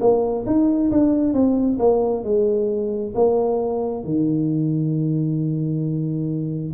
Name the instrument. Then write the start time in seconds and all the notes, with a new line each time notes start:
tuba
0.00 A#3
0.46 D#4
0.91 D4
1.33 C4
1.79 A#3
2.23 G#3
3.14 A#3
4.04 D#3